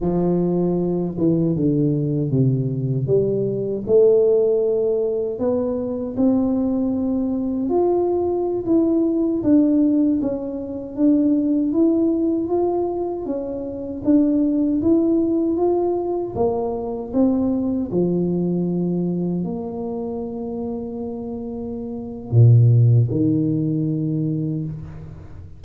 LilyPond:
\new Staff \with { instrumentName = "tuba" } { \time 4/4 \tempo 4 = 78 f4. e8 d4 c4 | g4 a2 b4 | c'2 f'4~ f'16 e'8.~ | e'16 d'4 cis'4 d'4 e'8.~ |
e'16 f'4 cis'4 d'4 e'8.~ | e'16 f'4 ais4 c'4 f8.~ | f4~ f16 ais2~ ais8.~ | ais4 ais,4 dis2 | }